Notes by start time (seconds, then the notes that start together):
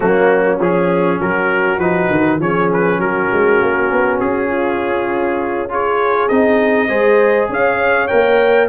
0.00 F#3 A#3 C#4 F#4
0.59 F3 C#4 G#4
1.20 F#3 F#4 A#4
1.79 F3 D#4 B4
2.10 D#3
2.39 F3 C#4 G#4 C#5
2.72 B4
2.98 F#3 F#4 A#4
3.32 G#3
3.61 A#3
3.91 B3
4.20 C#4 G#4
4.48 F4
5.69 F4 G#4 C#5
6.28 C4 D#4 D#5
6.88 G#3 G#4 C5
7.49 C#4 C#5 F5
8.07 A#3 A#4 G5